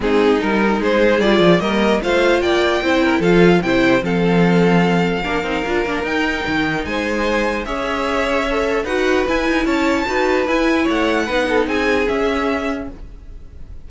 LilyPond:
<<
  \new Staff \with { instrumentName = "violin" } { \time 4/4 \tempo 4 = 149 gis'4 ais'4 c''4 d''4 | dis''4 f''4 g''2 | f''4 g''4 f''2~ | f''2. g''4~ |
g''4 gis''2 e''4~ | e''2 fis''4 gis''4 | a''2 gis''4 fis''4~ | fis''4 gis''4 e''2 | }
  \new Staff \with { instrumentName = "violin" } { \time 4/4 dis'2 gis'2 | ais'4 c''4 d''4 c''8 ais'8 | a'4 c''4 a'2~ | a'4 ais'2.~ |
ais'4 c''2 cis''4~ | cis''2 b'2 | cis''4 b'2 cis''4 | b'8 a'8 gis'2. | }
  \new Staff \with { instrumentName = "viola" } { \time 4/4 c'4 dis'2 f'4 | ais4 f'2 e'4 | f'4 e'4 c'2~ | c'4 d'8 dis'8 f'8 d'8 dis'4~ |
dis'2. gis'4~ | gis'4 a'4 fis'4 e'4~ | e'4 fis'4 e'2 | dis'2 cis'2 | }
  \new Staff \with { instrumentName = "cello" } { \time 4/4 gis4 g4 gis4 g8 f8 | g4 a4 ais4 c'4 | f4 c4 f2~ | f4 ais8 c'8 d'8 ais8 dis'4 |
dis4 gis2 cis'4~ | cis'2 dis'4 e'8 dis'8 | cis'4 dis'4 e'4 a4 | b4 c'4 cis'2 | }
>>